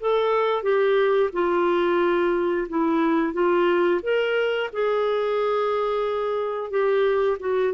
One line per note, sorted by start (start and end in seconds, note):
0.00 0.63 A4
0.63 1.30 G4
1.33 2.68 F4
2.69 3.33 E4
3.33 4.01 F4
4.03 4.70 A#4
4.73 6.70 G#4
6.70 7.38 G4
7.40 7.73 F#4